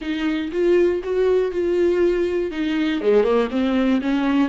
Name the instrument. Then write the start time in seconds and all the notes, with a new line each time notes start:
viola
0.01 D#4
0.51 F4
1.03 F#4
1.51 F4
2.51 D#4
3.01 G#3
3.23 A#3
3.50 C4
4.01 C#4